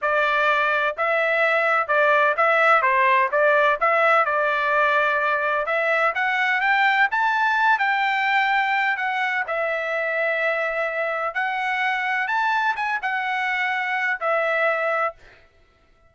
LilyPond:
\new Staff \with { instrumentName = "trumpet" } { \time 4/4 \tempo 4 = 127 d''2 e''2 | d''4 e''4 c''4 d''4 | e''4 d''2. | e''4 fis''4 g''4 a''4~ |
a''8 g''2~ g''8 fis''4 | e''1 | fis''2 a''4 gis''8 fis''8~ | fis''2 e''2 | }